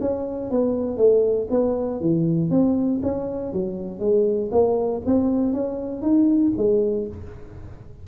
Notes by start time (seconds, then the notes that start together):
0.00 C#4
0.50 B3
0.97 A3
1.50 B3
2.01 E3
2.50 C4
3.03 C#4
3.53 F#3
3.99 G#3
4.51 A#3
5.06 C4
5.53 C#4
6.02 D#4
6.57 G#3